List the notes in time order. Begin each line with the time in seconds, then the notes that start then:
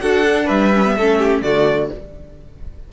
0.00 D4 F#4 A4 F#5
0.25 D4
0.45 G3 B4 E5
0.74 C#4
0.85 B3
0.96 A3 C#4 A4
1.18 G4
1.42 D3 A3 F#4 D5